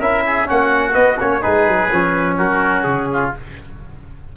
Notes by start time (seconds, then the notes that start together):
0.00 C#4 E4 A#4 E5
0.27 G#4
0.45 A#3 C#4 F#4 F#5
0.93 B3 D#5
1.21 A#3 C#4 C#5
1.41 G#3 D#4 G#4 B4
1.68 F#3
1.92 F3 C#4
2.38 F#3 F#4 A#4
2.84 C#3 G#4
3.13 F4